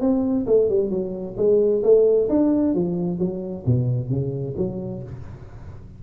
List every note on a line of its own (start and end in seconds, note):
0.00 0.45 C4
0.46 0.69 A3
0.69 0.90 G3
0.90 1.35 F#3
1.37 1.82 G#3
1.83 2.28 A3
2.29 2.74 D4
2.74 3.19 F3
3.19 3.64 F#3
3.66 4.09 B2
4.09 4.55 C#3
4.57 5.02 F#3